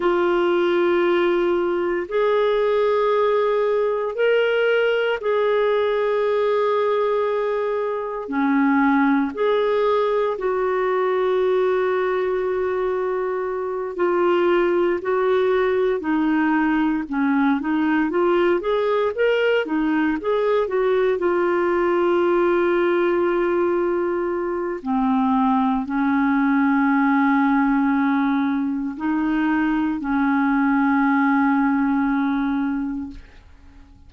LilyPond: \new Staff \with { instrumentName = "clarinet" } { \time 4/4 \tempo 4 = 58 f'2 gis'2 | ais'4 gis'2. | cis'4 gis'4 fis'2~ | fis'4. f'4 fis'4 dis'8~ |
dis'8 cis'8 dis'8 f'8 gis'8 ais'8 dis'8 gis'8 | fis'8 f'2.~ f'8 | c'4 cis'2. | dis'4 cis'2. | }